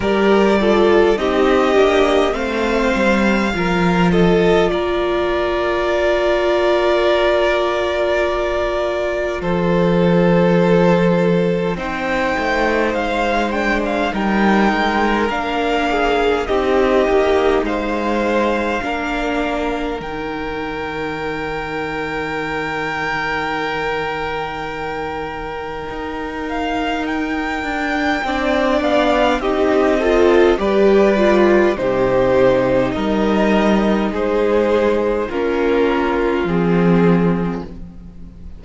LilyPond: <<
  \new Staff \with { instrumentName = "violin" } { \time 4/4 \tempo 4 = 51 d''4 dis''4 f''4. dis''8 | d''1 | c''2 g''4 f''8 g''16 f''16 | g''4 f''4 dis''4 f''4~ |
f''4 g''2.~ | g''2~ g''8 f''8 g''4~ | g''8 f''8 dis''4 d''4 c''4 | dis''4 c''4 ais'4 gis'4 | }
  \new Staff \with { instrumentName = "violin" } { \time 4/4 ais'8 a'8 g'4 c''4 ais'8 a'8 | ais'1 | a'2 c''2 | ais'4. gis'8 g'4 c''4 |
ais'1~ | ais'1 | d''4 g'8 a'8 b'4 g'4 | ais'4 gis'4 f'2 | }
  \new Staff \with { instrumentName = "viola" } { \time 4/4 g'8 f'8 dis'8 d'8 c'4 f'4~ | f'1~ | f'2 dis'4. d'8 | dis'4 d'4 dis'2 |
d'4 dis'2.~ | dis'1 | d'4 dis'8 f'8 g'8 f'8 dis'4~ | dis'2 cis'4 c'4 | }
  \new Staff \with { instrumentName = "cello" } { \time 4/4 g4 c'8 ais8 a8 g8 f4 | ais1 | f2 c'8 a8 gis4 | g8 gis8 ais4 c'8 ais8 gis4 |
ais4 dis2.~ | dis2 dis'4. d'8 | c'8 b8 c'4 g4 c4 | g4 gis4 ais4 f4 | }
>>